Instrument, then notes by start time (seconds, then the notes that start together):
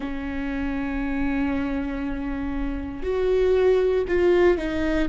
viola
0.00 C#4
3.02 F#4
4.08 F4
4.57 D#4